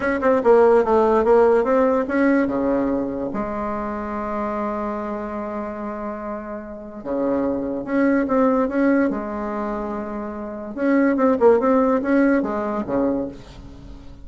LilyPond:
\new Staff \with { instrumentName = "bassoon" } { \time 4/4 \tempo 4 = 145 cis'8 c'8 ais4 a4 ais4 | c'4 cis'4 cis2 | gis1~ | gis1~ |
gis4 cis2 cis'4 | c'4 cis'4 gis2~ | gis2 cis'4 c'8 ais8 | c'4 cis'4 gis4 cis4 | }